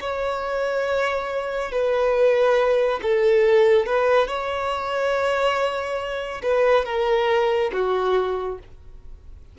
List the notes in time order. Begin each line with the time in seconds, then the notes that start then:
0.00 C#5
1.71 B4
3.02 A4
3.86 B4
4.27 C#5
6.42 B4
6.85 A#4
7.73 F#4